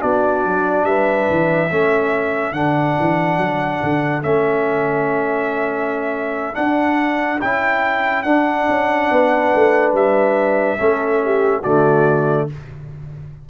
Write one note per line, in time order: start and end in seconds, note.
0.00 0.45 B3
0.00 1.69 D4
0.00 0.85 F#4
0.00 0.85 D5
0.45 0.83 F#3
0.83 1.26 G3
0.83 1.70 B4
0.83 2.53 E5
1.30 1.70 E3
1.70 2.52 A3
1.70 2.54 C#4
1.70 9.10 A4
2.52 2.94 D3
2.52 4.22 D4
2.52 4.22 F#5
2.99 3.37 E3
3.37 3.79 F#3
3.82 4.23 D3
4.22 6.55 A3
4.22 6.54 C#4
4.22 6.54 E5
6.54 7.38 D4
6.54 7.41 D4
6.54 7.39 F#5
7.40 8.24 C#4
7.40 8.25 E4
7.40 8.22 G5
8.22 8.66 D4
8.22 10.78 D4
8.22 9.91 F#5
8.68 9.10 C#4
9.10 9.53 B3
9.10 10.79 B4
9.54 9.93 A3
9.93 10.77 G3
9.93 11.62 E5
10.78 11.64 A3
10.78 11.62 C#4
10.78 11.22 A4
11.24 11.61 G4
11.61 12.49 D3
11.61 12.49 A3
11.61 12.45 F#4
11.61 12.47 D5